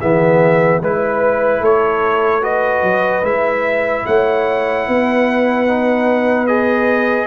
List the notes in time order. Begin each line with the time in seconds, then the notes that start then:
0.00 E3 B3 G#4 E5
0.80 G#3 E4 B4
1.61 A3 A4 C#5
2.42 F#4 B4 D#5
2.83 F#3
3.23 G#3 E4 E5
4.06 A3 C#5 F#5
4.88 B3 B4
5.68 D#4
6.47 G#4 D#5